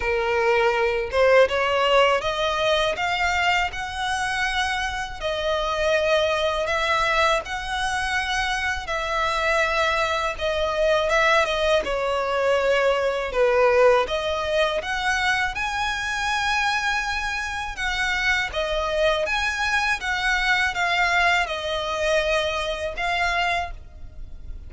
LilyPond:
\new Staff \with { instrumentName = "violin" } { \time 4/4 \tempo 4 = 81 ais'4. c''8 cis''4 dis''4 | f''4 fis''2 dis''4~ | dis''4 e''4 fis''2 | e''2 dis''4 e''8 dis''8 |
cis''2 b'4 dis''4 | fis''4 gis''2. | fis''4 dis''4 gis''4 fis''4 | f''4 dis''2 f''4 | }